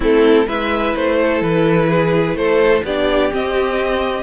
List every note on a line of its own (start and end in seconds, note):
0.00 0.46 A3
0.00 0.47 C4
0.00 0.46 E4
0.00 0.48 A4
0.46 0.95 G#3
0.46 2.84 E4
0.46 1.17 B4
0.46 0.95 E5
0.95 1.41 A3
0.95 1.42 C5
1.21 1.88 A4
1.41 2.35 E3
1.41 2.36 B4
1.88 2.36 G#4
2.35 2.82 A3
2.35 2.85 A4
2.35 2.83 C5
2.83 3.31 B3
2.83 3.31 D4
2.83 4.23 G4
2.83 3.32 D5
3.31 4.23 C4
3.31 4.23 D#5